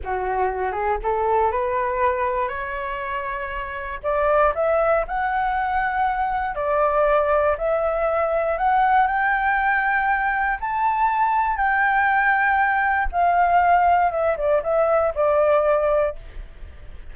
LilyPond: \new Staff \with { instrumentName = "flute" } { \time 4/4 \tempo 4 = 119 fis'4. gis'8 a'4 b'4~ | b'4 cis''2. | d''4 e''4 fis''2~ | fis''4 d''2 e''4~ |
e''4 fis''4 g''2~ | g''4 a''2 g''4~ | g''2 f''2 | e''8 d''8 e''4 d''2 | }